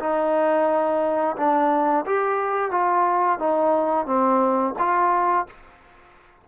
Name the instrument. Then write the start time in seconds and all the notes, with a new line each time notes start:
trombone
0.00 D#4
1.37 D4
2.06 G4
2.71 F4
3.39 D#4
4.06 C4
4.79 F4